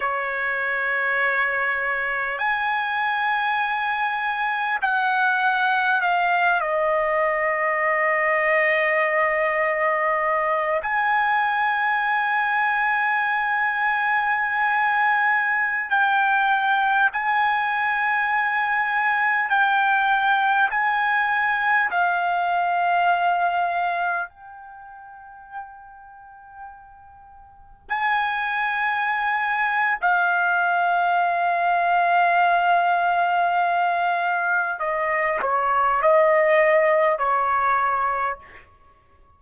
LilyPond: \new Staff \with { instrumentName = "trumpet" } { \time 4/4 \tempo 4 = 50 cis''2 gis''2 | fis''4 f''8 dis''2~ dis''8~ | dis''4 gis''2.~ | gis''4~ gis''16 g''4 gis''4.~ gis''16~ |
gis''16 g''4 gis''4 f''4.~ f''16~ | f''16 g''2. gis''8.~ | gis''4 f''2.~ | f''4 dis''8 cis''8 dis''4 cis''4 | }